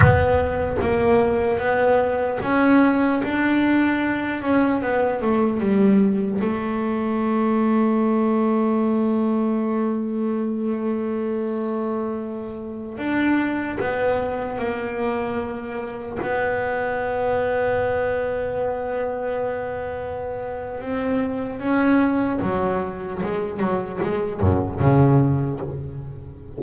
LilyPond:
\new Staff \with { instrumentName = "double bass" } { \time 4/4 \tempo 4 = 75 b4 ais4 b4 cis'4 | d'4. cis'8 b8 a8 g4 | a1~ | a1~ |
a16 d'4 b4 ais4.~ ais16~ | ais16 b2.~ b8.~ | b2 c'4 cis'4 | fis4 gis8 fis8 gis8 fis,8 cis4 | }